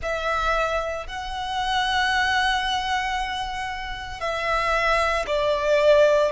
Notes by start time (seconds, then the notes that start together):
0.02 E5
1.06 F#5
4.20 E5
5.26 D5